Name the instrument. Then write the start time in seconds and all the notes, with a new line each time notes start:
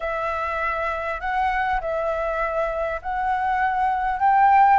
flute
0.00 E5
1.20 F#5
1.80 E5
3.02 F#5
4.19 G5